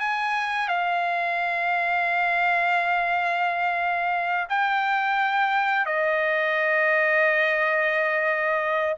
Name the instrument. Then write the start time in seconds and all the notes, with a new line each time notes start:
trumpet
0.00 G#5
0.68 F5
4.49 G5
5.86 D#5